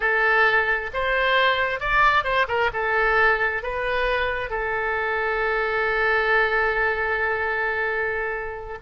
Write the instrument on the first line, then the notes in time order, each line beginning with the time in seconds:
oboe
0.00 A4
0.93 C5
1.79 D5
2.24 C5
2.48 A#4
2.73 A4
3.63 B4
4.49 A4